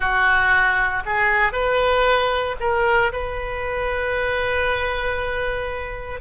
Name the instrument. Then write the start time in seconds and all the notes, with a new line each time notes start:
oboe
0.00 F#4
1.05 G#4
1.52 B4
2.60 A#4
3.12 B4